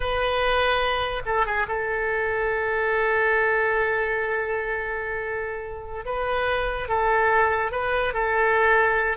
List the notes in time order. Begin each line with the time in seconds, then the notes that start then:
0.00 B4
1.25 A4
1.46 G#4
1.68 A4
6.05 B4
6.88 A4
7.71 B4
8.13 A4